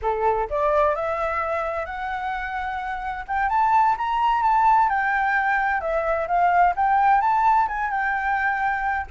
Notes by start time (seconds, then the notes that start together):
0.01 A4
0.49 D5
0.95 E5
1.85 F#5
3.27 G5
3.49 A5
3.97 A#5
4.42 A5
4.89 G5
5.80 E5
6.27 F5
6.76 G5
7.21 A5
7.67 G#5
7.90 G5